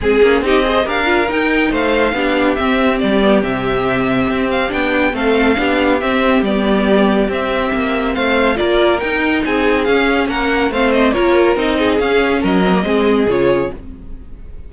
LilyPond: <<
  \new Staff \with { instrumentName = "violin" } { \time 4/4 \tempo 4 = 140 gis'4 dis''4 f''4 g''4 | f''2 e''4 d''4 | e''2~ e''8 f''8 g''4 | f''2 e''4 d''4~ |
d''4 e''2 f''4 | d''4 g''4 gis''4 f''4 | fis''4 f''8 dis''8 cis''4 dis''4 | f''4 dis''2 cis''4 | }
  \new Staff \with { instrumentName = "violin" } { \time 4/4 gis'4 g'8 c''8 ais'2 | c''4 g'2.~ | g'1 | a'4 g'2.~ |
g'2. c''4 | ais'2 gis'2 | ais'4 c''4 ais'4. gis'8~ | gis'4 ais'4 gis'2 | }
  \new Staff \with { instrumentName = "viola" } { \time 4/4 c'8 cis'8 dis'8 gis'8 g'8 f'8 dis'4~ | dis'4 d'4 c'4. b8 | c'2. d'4 | c'4 d'4 c'4 b4~ |
b4 c'2. | f'4 dis'2 cis'4~ | cis'4 c'4 f'4 dis'4 | cis'4. c'16 ais16 c'4 f'4 | }
  \new Staff \with { instrumentName = "cello" } { \time 4/4 gis8 ais8 c'4 d'4 dis'4 | a4 b4 c'4 g4 | c2 c'4 b4 | a4 b4 c'4 g4~ |
g4 c'4 ais4 a4 | ais4 dis'4 c'4 cis'4 | ais4 a4 ais4 c'4 | cis'4 fis4 gis4 cis4 | }
>>